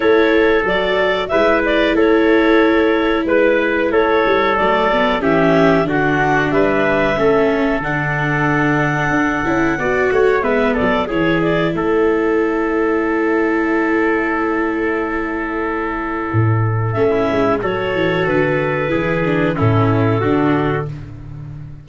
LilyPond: <<
  \new Staff \with { instrumentName = "clarinet" } { \time 4/4 \tempo 4 = 92 cis''4 d''4 e''8 d''8 cis''4~ | cis''4 b'4 cis''4 d''4 | e''4 fis''4 e''2 | fis''1 |
e''8 d''8 cis''8 d''8 cis''2~ | cis''1~ | cis''2 e''4 cis''4 | b'2 a'2 | }
  \new Staff \with { instrumentName = "trumpet" } { \time 4/4 a'2 b'4 a'4~ | a'4 b'4 a'2 | g'4 fis'4 b'4 a'4~ | a'2. d''8 cis''8 |
b'8 a'8 gis'4 a'2~ | a'1~ | a'2~ a'16 e'8. a'4~ | a'4 gis'4 e'4 fis'4 | }
  \new Staff \with { instrumentName = "viola" } { \time 4/4 e'4 fis'4 e'2~ | e'2. a8 b8 | cis'4 d'2 cis'4 | d'2~ d'8 e'8 fis'4 |
b4 e'2.~ | e'1~ | e'2 cis'4 fis'4~ | fis'4 e'8 d'8 cis'4 d'4 | }
  \new Staff \with { instrumentName = "tuba" } { \time 4/4 a4 fis4 gis4 a4~ | a4 gis4 a8 g8 fis4 | e4 d4 g4 a4 | d2 d'8 cis'8 b8 a8 |
gis8 fis8 e4 a2~ | a1~ | a4 a,4 a8 gis8 fis8 e8 | d4 e4 a,4 d4 | }
>>